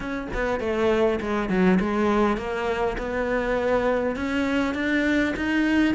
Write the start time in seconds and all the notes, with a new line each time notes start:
0.00 C#4
0.33 B3
0.60 A3
1.20 G#3
1.49 F#3
1.80 G#3
2.37 A#3
2.98 B3
4.16 C#4
4.74 D4
5.36 D#4